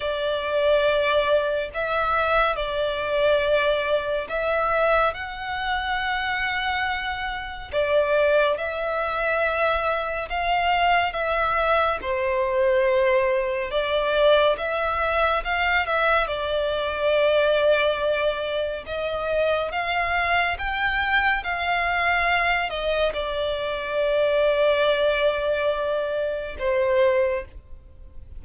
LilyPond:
\new Staff \with { instrumentName = "violin" } { \time 4/4 \tempo 4 = 70 d''2 e''4 d''4~ | d''4 e''4 fis''2~ | fis''4 d''4 e''2 | f''4 e''4 c''2 |
d''4 e''4 f''8 e''8 d''4~ | d''2 dis''4 f''4 | g''4 f''4. dis''8 d''4~ | d''2. c''4 | }